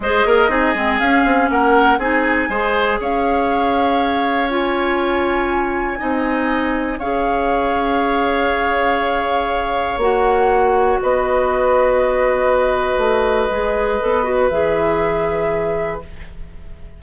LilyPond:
<<
  \new Staff \with { instrumentName = "flute" } { \time 4/4 \tempo 4 = 120 dis''2 f''4 fis''4 | gis''2 f''2~ | f''4 gis''2.~ | gis''2 f''2~ |
f''1 | fis''2 dis''2~ | dis''1~ | dis''4 e''2. | }
  \new Staff \with { instrumentName = "oboe" } { \time 4/4 c''8 ais'8 gis'2 ais'4 | gis'4 c''4 cis''2~ | cis''1 | dis''2 cis''2~ |
cis''1~ | cis''2 b'2~ | b'1~ | b'1 | }
  \new Staff \with { instrumentName = "clarinet" } { \time 4/4 gis'4 dis'8 c'8 cis'2 | dis'4 gis'2.~ | gis'4 f'2. | dis'2 gis'2~ |
gis'1 | fis'1~ | fis'2. gis'4 | a'8 fis'8 gis'2. | }
  \new Staff \with { instrumentName = "bassoon" } { \time 4/4 gis8 ais8 c'8 gis8 cis'8 c'8 ais4 | c'4 gis4 cis'2~ | cis'1 | c'2 cis'2~ |
cis'1 | ais2 b2~ | b2 a4 gis4 | b4 e2. | }
>>